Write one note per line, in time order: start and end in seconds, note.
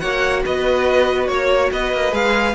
0.00 0.44 A#3
0.00 2.11 F#4
0.00 0.43 C#5
0.00 0.42 F#5
0.45 1.28 B3
0.45 1.29 B4
0.45 1.28 D#5
1.28 1.71 A#3
1.28 1.70 C#5
1.28 1.71 C#5
1.72 1.93 B3
1.72 2.54 B4
1.72 2.14 D#5
1.93 2.12 A#3
2.11 2.54 G#3
2.11 2.54 G#4
2.11 2.54 F5